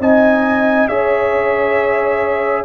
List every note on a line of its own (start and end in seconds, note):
0.00 0.88 C4
0.00 0.89 D#4
0.00 0.90 D#5
0.00 0.88 G#5
0.88 2.65 C#4
0.88 2.65 G#4
0.88 2.65 C#5
0.88 2.65 E5